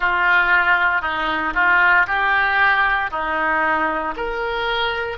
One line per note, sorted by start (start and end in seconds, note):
0.00 1.01 F4
1.01 1.53 D#4
1.54 2.06 F4
2.07 3.10 G4
3.10 4.14 D#4
4.16 5.17 A#4